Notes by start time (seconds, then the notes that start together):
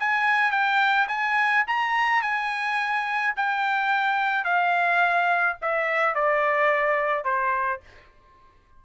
0.00 G#5
0.51 G5
1.08 G#5
1.67 A#5
2.22 G#5
3.36 G5
4.45 F5
5.62 E5
6.15 D5
7.25 C5